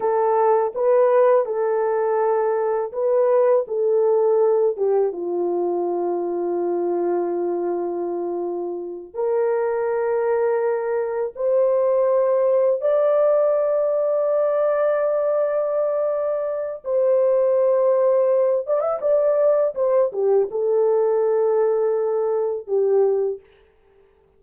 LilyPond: \new Staff \with { instrumentName = "horn" } { \time 4/4 \tempo 4 = 82 a'4 b'4 a'2 | b'4 a'4. g'8 f'4~ | f'1~ | f'8 ais'2. c''8~ |
c''4. d''2~ d''8~ | d''2. c''4~ | c''4. d''16 e''16 d''4 c''8 g'8 | a'2. g'4 | }